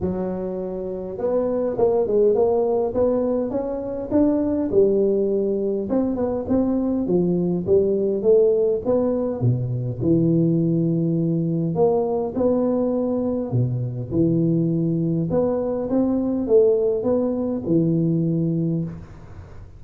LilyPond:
\new Staff \with { instrumentName = "tuba" } { \time 4/4 \tempo 4 = 102 fis2 b4 ais8 gis8 | ais4 b4 cis'4 d'4 | g2 c'8 b8 c'4 | f4 g4 a4 b4 |
b,4 e2. | ais4 b2 b,4 | e2 b4 c'4 | a4 b4 e2 | }